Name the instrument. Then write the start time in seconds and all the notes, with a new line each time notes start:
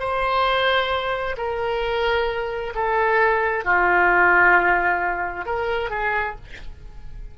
oboe
0.00 C5
1.37 A#4
2.75 A4
3.64 F4
5.45 A#4
5.90 G#4